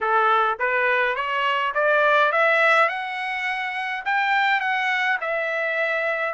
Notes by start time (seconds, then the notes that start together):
0.00 A4
0.59 B4
1.15 C#5
1.74 D5
2.32 E5
2.88 F#5
4.05 G5
4.60 F#5
5.20 E5